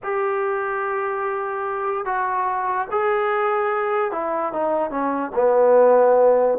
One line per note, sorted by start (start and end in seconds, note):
0.03 2.05 G4
2.05 2.87 F#4
2.91 4.11 G#4
4.11 4.52 E4
4.52 4.90 D#4
4.90 5.31 C#4
5.35 6.58 B3